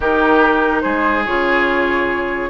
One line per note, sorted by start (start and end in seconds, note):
0.00 0.82 D#3
0.00 1.26 D#4
0.00 0.82 G4
0.00 0.81 A#4
0.81 1.26 G#3
0.81 2.49 G#4
0.81 1.23 C5
1.25 2.49 C#3
1.25 2.49 F4
1.25 2.49 C#5